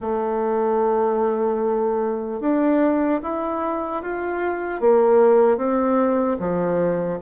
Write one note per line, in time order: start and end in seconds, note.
0.00 2.40 A3
2.40 3.20 D4
3.22 4.02 E4
4.02 4.80 F4
4.80 5.57 A#3
5.57 6.37 C4
6.39 7.19 F3